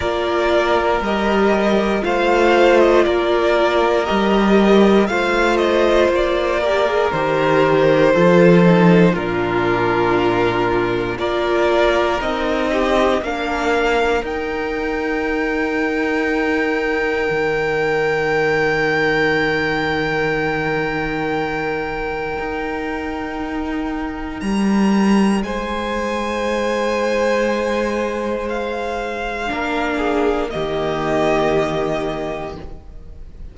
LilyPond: <<
  \new Staff \with { instrumentName = "violin" } { \time 4/4 \tempo 4 = 59 d''4 dis''4 f''8. dis''16 d''4 | dis''4 f''8 dis''8 d''4 c''4~ | c''4 ais'2 d''4 | dis''4 f''4 g''2~ |
g''1~ | g''1 | ais''4 gis''2. | f''2 dis''2 | }
  \new Staff \with { instrumentName = "violin" } { \time 4/4 ais'2 c''4 ais'4~ | ais'4 c''4. ais'4. | a'4 f'2 ais'4~ | ais'8 g'8 ais'2.~ |
ais'1~ | ais'1~ | ais'4 c''2.~ | c''4 ais'8 gis'8 g'2 | }
  \new Staff \with { instrumentName = "viola" } { \time 4/4 f'4 g'4 f'2 | g'4 f'4. g'16 gis'16 g'4 | f'8 dis'8 d'2 f'4 | dis'4 d'4 dis'2~ |
dis'1~ | dis'1~ | dis'1~ | dis'4 d'4 ais2 | }
  \new Staff \with { instrumentName = "cello" } { \time 4/4 ais4 g4 a4 ais4 | g4 a4 ais4 dis4 | f4 ais,2 ais4 | c'4 ais4 dis'2~ |
dis'4 dis2.~ | dis2 dis'2 | g4 gis2.~ | gis4 ais4 dis2 | }
>>